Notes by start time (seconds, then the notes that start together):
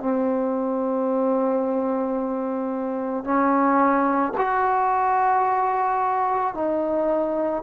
0.00 C4
3.24 C#4
4.37 F#4
6.55 D#4